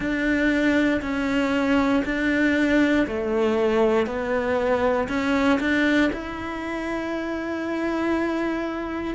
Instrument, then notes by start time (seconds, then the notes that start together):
cello
0.00 D4
1.01 C#4
2.05 D4
3.07 A3
4.06 B3
5.08 C#4
5.60 D4
6.12 E4